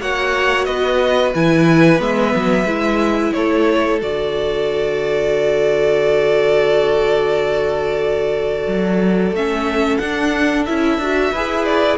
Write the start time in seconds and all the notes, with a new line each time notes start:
0.00 A#3 F#4 C#5 F#5
0.64 B3 B4 D#5
1.34 E3 E4 G#5
1.98 G#3 B3 E5
2.35 F#3
2.64 G#3 E4
3.33 A3 A4 C#5
4.01 D3 F#4 D5
8.67 F#3
9.31 A3 C#4 E5
9.97 D4 F#5
10.65 C#4 E4 E5
10.97 D4 F#4
11.32 E4 G#4 B4
11.64 D5